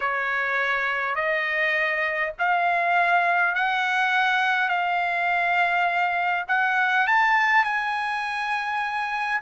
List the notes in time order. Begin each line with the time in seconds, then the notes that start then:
0.00 C#5
1.15 D#5
2.38 F5
3.55 F#5
4.68 F5
6.48 F#5
7.07 A5
7.64 G#5